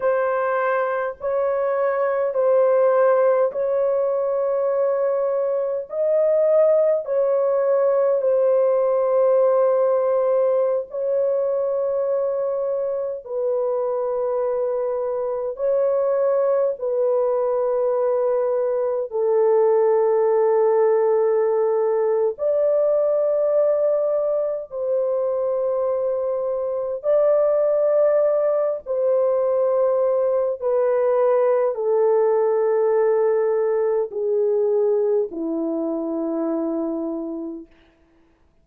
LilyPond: \new Staff \with { instrumentName = "horn" } { \time 4/4 \tempo 4 = 51 c''4 cis''4 c''4 cis''4~ | cis''4 dis''4 cis''4 c''4~ | c''4~ c''16 cis''2 b'8.~ | b'4~ b'16 cis''4 b'4.~ b'16~ |
b'16 a'2~ a'8. d''4~ | d''4 c''2 d''4~ | d''8 c''4. b'4 a'4~ | a'4 gis'4 e'2 | }